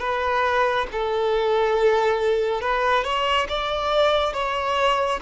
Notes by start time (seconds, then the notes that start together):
0.00 B4
0.92 A4
2.62 B4
3.04 C#5
3.49 D5
4.34 C#5